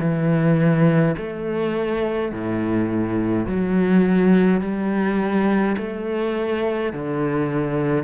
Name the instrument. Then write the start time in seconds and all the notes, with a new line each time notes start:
cello
0.00 E3
1.17 A3
2.32 A2
3.46 F#3
4.61 G3
5.77 A3
6.93 D3